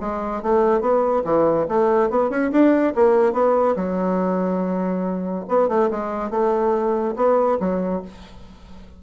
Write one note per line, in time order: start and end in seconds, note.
0.00 0.42 G#3
0.42 0.80 A3
0.80 1.23 B3
1.24 1.66 E3
1.68 2.10 A3
2.10 2.30 B3
2.30 2.51 C#4
2.51 2.93 D4
2.95 3.33 A#3
3.33 3.75 B3
3.76 5.45 F#3
5.48 5.68 B3
5.68 5.89 A3
5.91 6.30 G#3
6.30 7.15 A3
7.16 7.58 B3
7.60 8.02 F#3